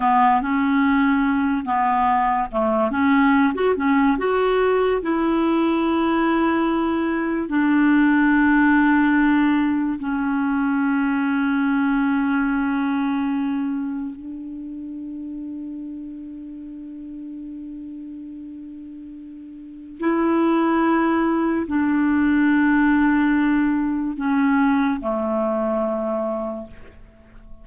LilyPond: \new Staff \with { instrumentName = "clarinet" } { \time 4/4 \tempo 4 = 72 b8 cis'4. b4 a8 cis'8~ | cis'16 fis'16 cis'8 fis'4 e'2~ | e'4 d'2. | cis'1~ |
cis'4 d'2.~ | d'1 | e'2 d'2~ | d'4 cis'4 a2 | }